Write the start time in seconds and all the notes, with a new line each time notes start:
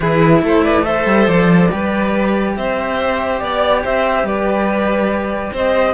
0.00 E3 E4 G#4 B4
0.42 A3 A4 C5
0.64 B4 D5
0.82 A4 C5 E5
1.05 G3
1.27 F3 D5
1.70 G3 G4 B4
2.55 C4 C5 E5
3.39 B3 D5
3.83 C4 C5 E5
4.23 G3 B4 D5
5.52 C4 C5 D#5